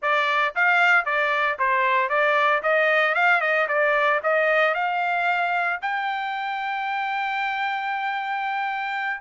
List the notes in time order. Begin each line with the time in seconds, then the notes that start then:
0.02 D5
0.55 F5
1.05 D5
1.58 C5
2.09 D5
2.62 D#5
3.15 F5
3.40 D#5
3.67 D5
4.23 D#5
4.74 F5
5.81 G5